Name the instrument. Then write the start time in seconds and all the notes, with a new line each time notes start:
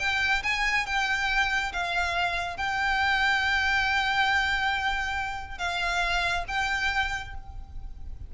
violin
0.00 G5
0.44 G#5
0.87 G5
1.73 F5
2.57 G5
5.59 F5
6.48 G5